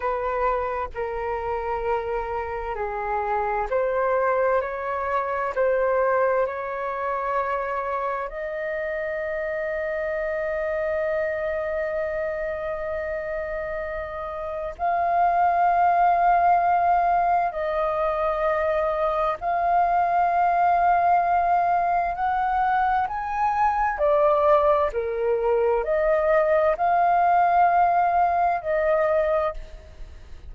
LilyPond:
\new Staff \with { instrumentName = "flute" } { \time 4/4 \tempo 4 = 65 b'4 ais'2 gis'4 | c''4 cis''4 c''4 cis''4~ | cis''4 dis''2.~ | dis''1 |
f''2. dis''4~ | dis''4 f''2. | fis''4 gis''4 d''4 ais'4 | dis''4 f''2 dis''4 | }